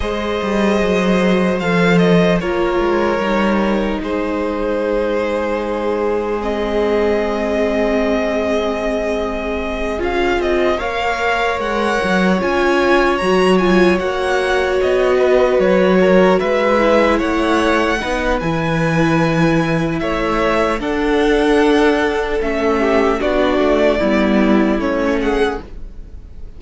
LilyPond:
<<
  \new Staff \with { instrumentName = "violin" } { \time 4/4 \tempo 4 = 75 dis''2 f''8 dis''8 cis''4~ | cis''4 c''2. | dis''1~ | dis''8 f''8 dis''8 f''4 fis''4 gis''8~ |
gis''8 ais''8 gis''8 fis''4 dis''4 cis''8~ | cis''8 e''4 fis''4. gis''4~ | gis''4 e''4 fis''2 | e''4 d''2 cis''8 fis''8 | }
  \new Staff \with { instrumentName = "violin" } { \time 4/4 c''2. ais'4~ | ais'4 gis'2.~ | gis'1~ | gis'4. cis''2~ cis''8~ |
cis''2. b'4 | ais'8 b'4 cis''4 b'4.~ | b'4 cis''4 a'2~ | a'8 g'8 fis'4 e'4. gis'8 | }
  \new Staff \with { instrumentName = "viola" } { \time 4/4 gis'2 a'4 f'4 | dis'1 | c'1~ | c'8 f'4 ais'2 f'8~ |
f'8 fis'8 f'8 fis'2~ fis'8~ | fis'4 e'4. dis'8 e'4~ | e'2 d'2 | cis'4 d'4 b4 cis'4 | }
  \new Staff \with { instrumentName = "cello" } { \time 4/4 gis8 g8 fis4 f4 ais8 gis8 | g4 gis2.~ | gis1~ | gis8 cis'8 c'8 ais4 gis8 fis8 cis'8~ |
cis'8 fis4 ais4 b4 fis8~ | fis8 gis4 a4 b8 e4~ | e4 a4 d'2 | a4 b8 a8 g4 a4 | }
>>